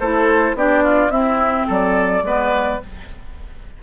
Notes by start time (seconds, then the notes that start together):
0.00 A3 E4 A4 C5
0.54 B3 D4 G4 D5
0.84 F4
1.10 C4 E4 E5
1.67 F#3 A4 D5
2.23 G#3 B3 B4